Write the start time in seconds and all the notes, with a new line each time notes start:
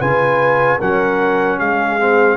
0.00 C#3 F4 B4 G#5
0.78 F#3 C#4 A#4 F#5
1.58 G#3 G#4 F5
2.00 C4